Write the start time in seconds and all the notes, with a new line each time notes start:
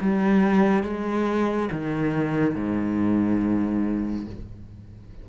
0.00 G3
0.83 G#3
1.71 D#3
2.55 G#2